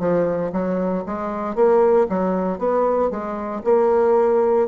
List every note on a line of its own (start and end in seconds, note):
0.00 0.52 F3
0.53 1.04 F#3
1.06 1.56 G#3
1.56 2.07 A#3
2.09 2.59 F#3
2.59 3.10 B3
3.10 3.62 G#3
3.64 4.68 A#3